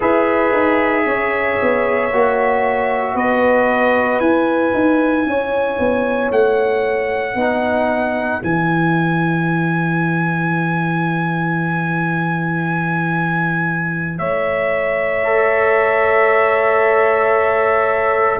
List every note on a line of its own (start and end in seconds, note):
0.00 0.52 E4
0.00 2.10 G#4
0.00 1.04 B4
0.00 3.16 E5
0.52 1.05 D#4
1.05 1.58 C#4
1.05 3.14 C#5
1.61 2.11 B3
2.11 3.15 A#3
2.11 4.23 F#4
3.14 4.20 B3
3.14 5.25 B4
3.14 4.19 D#5
4.19 4.73 E4
4.19 7.36 E4
4.19 6.30 G#5
4.74 5.25 D#4
5.25 5.78 C#4
5.25 7.38 C#5
5.79 6.31 B3
6.31 7.34 A3
6.31 8.42 F#5
7.34 8.39 B3
7.34 8.41 D#4
7.34 14.18 B4
8.41 14.19 E3
8.41 15.24 E4
8.41 14.18 G#5
14.18 18.39 A3
14.18 18.39 C#5
14.18 18.39 E5
15.24 18.39 A4